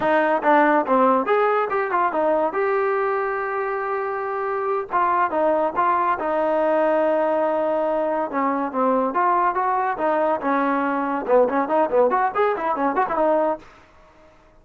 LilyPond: \new Staff \with { instrumentName = "trombone" } { \time 4/4 \tempo 4 = 141 dis'4 d'4 c'4 gis'4 | g'8 f'8 dis'4 g'2~ | g'2.~ g'8 f'8~ | f'8 dis'4 f'4 dis'4.~ |
dis'2.~ dis'8 cis'8~ | cis'8 c'4 f'4 fis'4 dis'8~ | dis'8 cis'2 b8 cis'8 dis'8 | b8 fis'8 gis'8 e'8 cis'8 fis'16 e'16 dis'4 | }